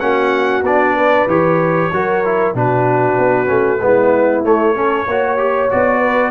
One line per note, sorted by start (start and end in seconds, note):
0.00 0.62 A#3
0.00 0.64 C#4
0.00 0.96 F#4
0.00 0.63 F#5
0.62 1.26 B3
0.62 1.29 D4
0.62 1.29 D5
0.96 1.90 B4
1.27 1.90 E3
1.27 1.92 G4
1.27 2.56 C#5
1.92 2.54 F#3
1.92 2.25 F#4
1.92 2.55 A#4
2.25 2.55 E4
2.54 3.18 B2
2.54 3.46 D4
2.54 3.81 F#4
2.54 4.45 B4
3.18 3.50 B3
3.46 3.81 A3
3.46 3.78 C#4
3.81 4.44 G#3
3.81 4.44 B3
3.81 4.75 E4
4.44 4.75 A3
4.44 5.07 A3
4.44 5.71 C#5
4.75 5.06 C#4
4.75 5.07 A4
5.07 5.70 A#3
5.07 5.38 F#4
5.07 5.99 C#5
5.38 5.69 G4
5.70 6.31 B3
5.70 6.31 F#4
5.70 6.31 D5
5.99 6.31 B4